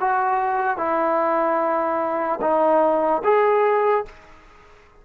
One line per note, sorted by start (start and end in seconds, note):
0.00 0.77 F#4
0.77 2.39 E4
2.41 3.22 D#4
3.24 4.05 G#4